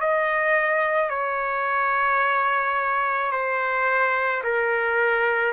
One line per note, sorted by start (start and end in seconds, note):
0.00 1.09 D#5
1.09 3.31 C#5
3.31 4.42 C5
4.43 5.53 A#4